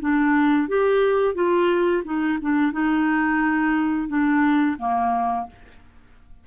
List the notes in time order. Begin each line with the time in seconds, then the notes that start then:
0.00 D4
0.68 G4
1.34 F4
2.04 D#4
2.41 D4
2.72 D#4
4.08 D4
4.79 A#3